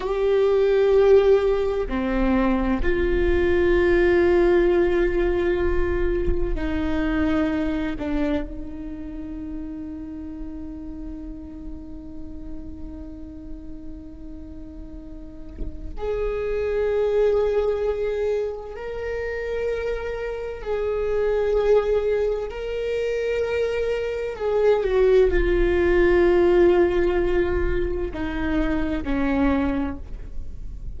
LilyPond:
\new Staff \with { instrumentName = "viola" } { \time 4/4 \tempo 4 = 64 g'2 c'4 f'4~ | f'2. dis'4~ | dis'8 d'8 dis'2.~ | dis'1~ |
dis'4 gis'2. | ais'2 gis'2 | ais'2 gis'8 fis'8 f'4~ | f'2 dis'4 cis'4 | }